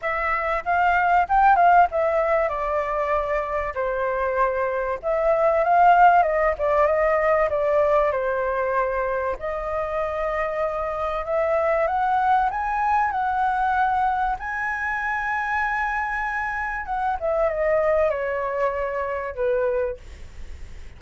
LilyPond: \new Staff \with { instrumentName = "flute" } { \time 4/4 \tempo 4 = 96 e''4 f''4 g''8 f''8 e''4 | d''2 c''2 | e''4 f''4 dis''8 d''8 dis''4 | d''4 c''2 dis''4~ |
dis''2 e''4 fis''4 | gis''4 fis''2 gis''4~ | gis''2. fis''8 e''8 | dis''4 cis''2 b'4 | }